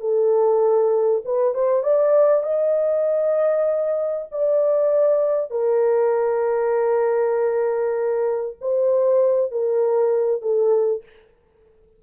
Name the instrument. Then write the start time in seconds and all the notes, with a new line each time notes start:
horn
0.00 A4
1.25 B4
1.54 C5
1.83 D5
2.43 D#5
4.31 D5
5.50 A#4
8.61 C5
9.51 A#4
10.41 A4